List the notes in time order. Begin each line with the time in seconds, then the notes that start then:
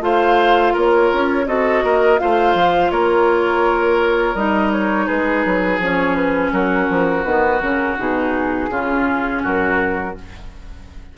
0.00 A3 F4 C5 F5
0.73 A#3 A#4 C#5
1.13 C#4
1.46 C4 F#4 A4 D#5
1.83 A#3 A#4
2.18 A3 F4 C5 F5
2.54 F3
2.90 A#3 A#4 C#5
4.35 G3 D#4 D#5
4.72 C#5
5.06 G#3 G#4 B4
5.45 F#3
5.78 F3 C#4 C#5
6.15 B4
6.52 F#3 F#4 A#4
6.90 F3
7.23 D#3 B3 B4
7.60 C#3 C#4 A#4
7.98 B2 D#4 G#4
8.69 C#3 C#4 F4
9.42 F#2 F#4 A#4